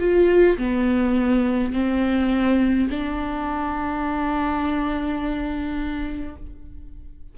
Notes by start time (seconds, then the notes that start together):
0.00 F4
0.58 B3
1.73 C4
2.91 D4